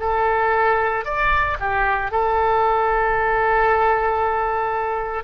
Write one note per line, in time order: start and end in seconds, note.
0.00 1.05 A4
1.05 1.58 D5
1.60 2.12 G4
2.12 5.24 A4